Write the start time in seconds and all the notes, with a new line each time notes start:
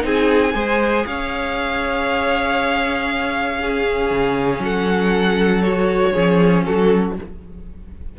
0.00 C4 D#4 G#4 G#5
0.54 G#3 G#4 C5
1.06 C#4 C#5 F5
3.59 C#4 G#4
4.10 C#3
4.59 F#3 A4 F#5
5.62 F#4 C#5
6.12 F3 C#4 G#4
6.64 F#3 F#4 A4